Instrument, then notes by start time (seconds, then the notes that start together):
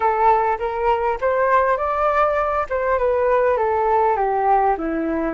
flute
0.00 A4
0.59 A#4
1.20 C5
1.77 D5
2.69 C5
2.98 B4
3.57 A4
4.16 G4
4.77 E4